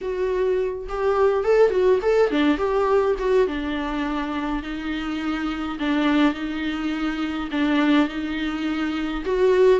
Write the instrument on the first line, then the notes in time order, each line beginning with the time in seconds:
viola
0.01 F#4
0.88 G4
1.44 A4
1.70 F#4
2.02 A4
2.30 D4
2.57 G4
3.19 F#4
3.47 D4
4.63 D#4
5.79 D4
6.34 D#4
7.51 D4
8.08 D#4
9.25 F#4